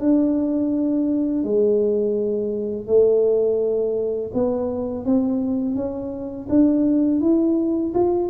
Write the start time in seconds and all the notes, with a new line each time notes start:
0.00 D4
1.44 G#3
2.87 A3
4.34 B3
5.05 C4
5.76 C#4
6.49 D4
7.21 E4
7.94 F4